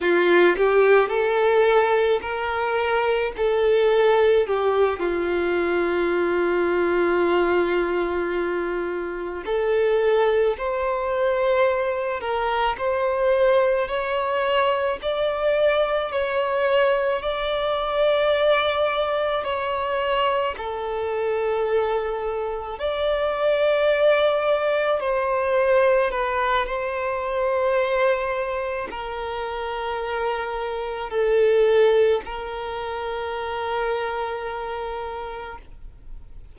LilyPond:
\new Staff \with { instrumentName = "violin" } { \time 4/4 \tempo 4 = 54 f'8 g'8 a'4 ais'4 a'4 | g'8 f'2.~ f'8~ | f'8 a'4 c''4. ais'8 c''8~ | c''8 cis''4 d''4 cis''4 d''8~ |
d''4. cis''4 a'4.~ | a'8 d''2 c''4 b'8 | c''2 ais'2 | a'4 ais'2. | }